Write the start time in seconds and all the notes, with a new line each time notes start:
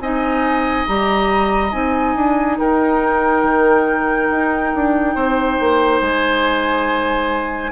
0.00 C4 D#4 D#5 G#5
0.87 G3 G4 A#5
1.71 C4 D#4 G#5
2.16 D4
2.59 D#4 A#4 G5
3.44 D#3
4.31 D#4
4.75 D4
5.15 C4 C5
5.61 A#3
6.01 G#3 G#5